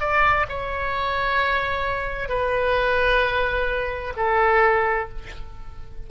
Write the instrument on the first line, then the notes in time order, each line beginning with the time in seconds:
oboe
0.00 D5
0.49 C#5
2.29 B4
4.16 A4